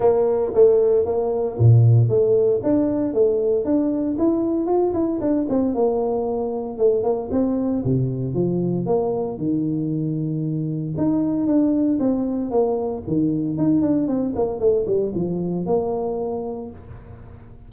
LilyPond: \new Staff \with { instrumentName = "tuba" } { \time 4/4 \tempo 4 = 115 ais4 a4 ais4 ais,4 | a4 d'4 a4 d'4 | e'4 f'8 e'8 d'8 c'8 ais4~ | ais4 a8 ais8 c'4 c4 |
f4 ais4 dis2~ | dis4 dis'4 d'4 c'4 | ais4 dis4 dis'8 d'8 c'8 ais8 | a8 g8 f4 ais2 | }